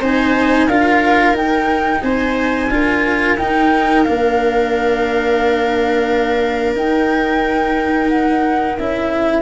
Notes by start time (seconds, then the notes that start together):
0.00 C4 D#4 C5 G#5
0.67 D4 F4 A#4 F5
1.33 D#4 G5
2.02 C4 C5 G#5
2.70 D4 F4 A#4
3.38 D#4 G5
4.04 A#3 D4 F5
6.75 D#4 G5
8.09 F#5
8.77 C#4 E4 E5